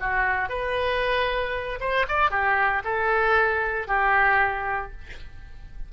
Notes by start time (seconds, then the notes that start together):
0.00 F#4
0.49 B4
1.80 C5
2.09 D5
2.31 G4
2.84 A4
3.88 G4